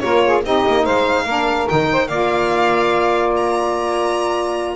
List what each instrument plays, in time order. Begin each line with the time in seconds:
0.00 double bass A#3, saxophone F4 A#4, violin C#5
0.26 saxophone G#4
0.44 double bass C4, saxophone D#4 G4, violin D#5
0.67 double bass A#3
0.83 double bass G#3, saxophone C5, violin F5
1.25 double bass A#3, saxophone D4 A#4
1.67 double bass D#3, saxophone D#4, violin G5
1.91 saxophone C5
2.08 double bass A#3, saxophone F4 D5, violin F5
3.36 violin A#5